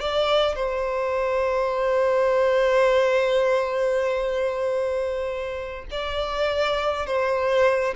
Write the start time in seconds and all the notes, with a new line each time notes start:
0.00 D5
0.56 C5
5.91 D5
7.06 C5